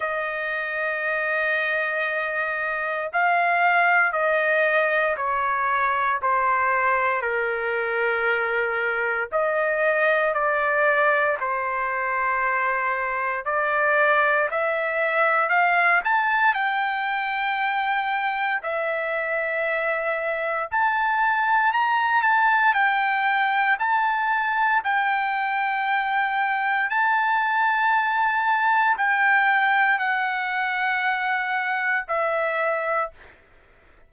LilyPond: \new Staff \with { instrumentName = "trumpet" } { \time 4/4 \tempo 4 = 58 dis''2. f''4 | dis''4 cis''4 c''4 ais'4~ | ais'4 dis''4 d''4 c''4~ | c''4 d''4 e''4 f''8 a''8 |
g''2 e''2 | a''4 ais''8 a''8 g''4 a''4 | g''2 a''2 | g''4 fis''2 e''4 | }